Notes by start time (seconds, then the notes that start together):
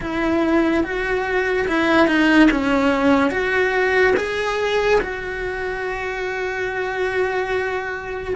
0.00 E4
0.83 F#4
1.67 E4
2.07 D#4
2.50 C#4
3.30 F#4
4.17 G#4
5.00 F#4